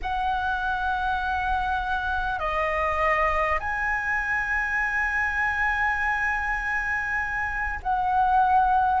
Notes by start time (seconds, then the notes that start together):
0.02 F#5
2.39 D#5
3.59 G#5
7.82 F#5